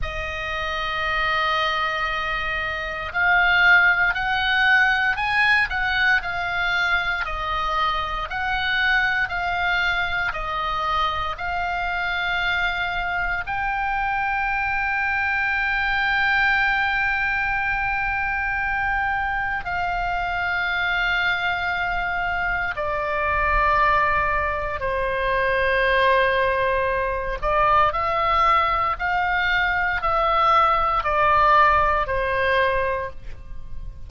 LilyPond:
\new Staff \with { instrumentName = "oboe" } { \time 4/4 \tempo 4 = 58 dis''2. f''4 | fis''4 gis''8 fis''8 f''4 dis''4 | fis''4 f''4 dis''4 f''4~ | f''4 g''2.~ |
g''2. f''4~ | f''2 d''2 | c''2~ c''8 d''8 e''4 | f''4 e''4 d''4 c''4 | }